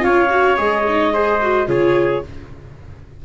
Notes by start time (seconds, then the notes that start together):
0.00 C#4 F4 C#5 F5
0.30 F#4
0.57 G#3 G#4 D#5
0.88 D#4
1.13 G#4 C5
1.41 F#4
1.67 C#3 F4 G#4 C#5